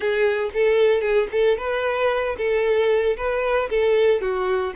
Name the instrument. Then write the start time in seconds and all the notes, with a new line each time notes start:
violin
0.00 G#4
0.53 A4
1.01 G#4
1.31 A4
1.57 B4
2.37 A4
3.16 B4
3.69 A4
4.21 F#4